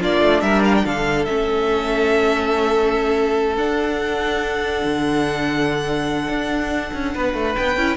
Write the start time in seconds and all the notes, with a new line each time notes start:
0.00 A#3 D4 F4 D5
0.20 A3
0.41 G3 A#4 E5
0.64 F5
0.76 G5
0.85 D3 A4 F5
1.25 A3 C#4 E5
3.56 D4 F#5
4.84 D3
6.28 D4
6.94 C#4
7.15 B3 B4
7.34 A3
7.55 B3 G5
7.76 C#4 E4